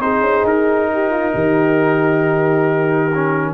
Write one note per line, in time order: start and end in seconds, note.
0.00 0.21 C4
0.00 3.11 D#4
0.00 0.92 G#4
0.00 0.46 C5
0.21 0.43 C#4
0.44 1.33 D#4
0.44 3.55 A#4
0.93 1.11 G4
1.11 1.33 F4
1.33 3.55 D#3
1.33 3.55 G4
3.15 3.55 C#4